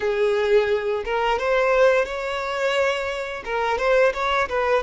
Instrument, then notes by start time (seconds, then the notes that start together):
violin
0.00 G#4
1.04 A#4
1.38 C5
2.05 C#5
3.45 A#4
3.78 C5
4.13 C#5
4.48 B4